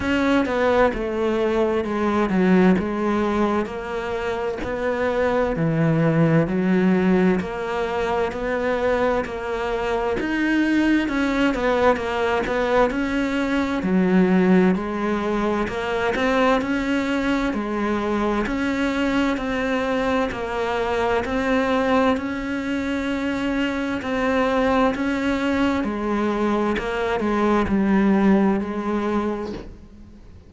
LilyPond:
\new Staff \with { instrumentName = "cello" } { \time 4/4 \tempo 4 = 65 cis'8 b8 a4 gis8 fis8 gis4 | ais4 b4 e4 fis4 | ais4 b4 ais4 dis'4 | cis'8 b8 ais8 b8 cis'4 fis4 |
gis4 ais8 c'8 cis'4 gis4 | cis'4 c'4 ais4 c'4 | cis'2 c'4 cis'4 | gis4 ais8 gis8 g4 gis4 | }